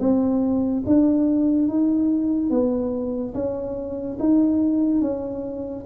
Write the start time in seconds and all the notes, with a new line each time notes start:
0.00 C4
0.86 D4
1.69 D#4
2.50 B3
3.34 C#4
4.20 D#4
5.02 C#4